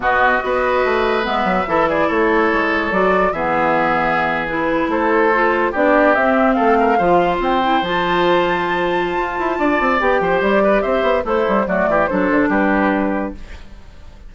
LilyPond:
<<
  \new Staff \with { instrumentName = "flute" } { \time 4/4 \tempo 4 = 144 dis''2. e''4~ | e''8 d''8 cis''2 d''4 | e''2~ e''8. b'4 c''16~ | c''4.~ c''16 d''4 e''4 f''16~ |
f''4.~ f''16 g''4 a''4~ a''16~ | a''1 | g''4 d''4 e''4 c''4 | d''4 c''4 b'2 | }
  \new Staff \with { instrumentName = "oboe" } { \time 4/4 fis'4 b'2. | a'8 gis'8 a'2. | gis'2.~ gis'8. a'16~ | a'4.~ a'16 g'2 a'16~ |
a'16 ais'8 c''2.~ c''16~ | c''2. d''4~ | d''8 c''4 b'8 c''4 e'4 | fis'8 g'8 a'4 g'2 | }
  \new Staff \with { instrumentName = "clarinet" } { \time 4/4 b4 fis'2 b4 | e'2. fis'4 | b2~ b8. e'4~ e'16~ | e'8. f'4 d'4 c'4~ c'16~ |
c'8. f'4. e'8 f'4~ f'16~ | f'1 | g'2. a'4 | a4 d'2. | }
  \new Staff \with { instrumentName = "bassoon" } { \time 4/4 b,4 b4 a4 gis8 fis8 | e4 a4 gis4 fis4 | e2.~ e8. a16~ | a4.~ a16 b4 c'4 a16~ |
a8. f4 c'4 f4~ f16~ | f2 f'8 e'8 d'8 c'8 | b8 f8 g4 c'8 b8 a8 g8 | fis8 e8 fis8 d8 g2 | }
>>